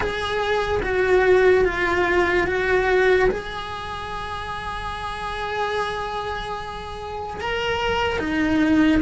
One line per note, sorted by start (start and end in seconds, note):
0.00 0.81 G#4
0.82 1.64 F#4
1.64 2.47 F4
2.47 3.29 F#4
3.30 7.40 G#4
7.40 8.19 A#4
8.19 9.01 D#4